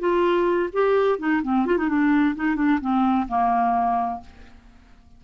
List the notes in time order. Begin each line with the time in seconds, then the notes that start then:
0.00 F4
0.73 G4
1.19 D#4
1.43 C4
1.66 F4
1.78 D#4
1.89 D4
2.36 D#4
2.56 D4
2.81 C4
3.28 A#3